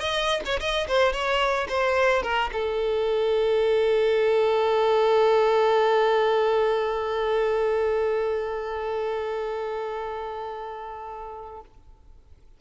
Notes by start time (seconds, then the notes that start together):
0.00 D#5
0.46 C#5
0.60 D#5
0.88 C5
1.13 C#5
1.69 C5
2.23 A#4
2.53 A4